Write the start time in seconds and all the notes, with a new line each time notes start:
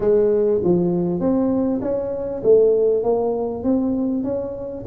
0.00 G#3
0.63 F3
1.20 C4
1.81 C#4
2.43 A3
3.03 A#3
3.63 C4
4.23 C#4